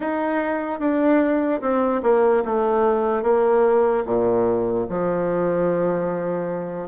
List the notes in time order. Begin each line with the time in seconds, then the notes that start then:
0.00 D#4
0.79 D4
1.61 C4
2.02 A#3
2.45 A3
3.22 A#3
4.05 A#2
4.89 F3